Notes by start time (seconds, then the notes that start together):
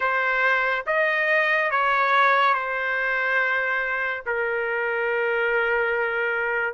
0.00 C5
0.86 D#5
1.71 C#5
2.54 C5
4.26 A#4